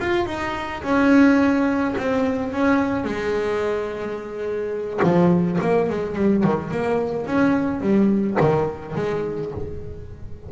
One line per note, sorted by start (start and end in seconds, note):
0.00 0.26 F4
0.26 0.82 D#4
0.83 1.95 C#4
1.98 2.52 C4
2.52 3.04 C#4
3.04 5.00 G#3
5.03 5.59 F3
5.61 5.89 A#3
5.90 6.16 G#3
6.16 6.44 G3
6.44 6.71 D#3
6.71 7.26 A#3
7.26 7.81 C#4
7.81 8.37 G3
8.40 8.95 D#3
8.95 9.51 G#3